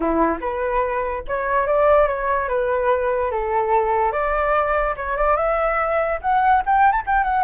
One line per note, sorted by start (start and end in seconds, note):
0.00 0.38 E4
0.40 1.23 B4
1.27 1.66 C#5
1.66 2.07 D5
2.07 2.48 C#5
2.48 3.31 B4
3.31 4.12 A4
4.12 4.94 D5
4.96 5.16 C#5
5.16 5.37 D5
5.37 6.19 E5
6.21 6.62 F#5
6.66 6.92 G5
6.92 7.02 A5
7.06 7.23 G5
7.23 7.44 F#5